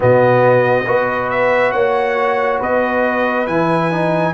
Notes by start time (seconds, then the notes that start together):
0.00 B2 B3 F#4 D#5
0.86 B3 F#4 B4
1.30 E5
1.71 A#3 C#5 F#5
2.59 B3 B4 D#5
3.47 E3 E4 G#5
3.91 D#4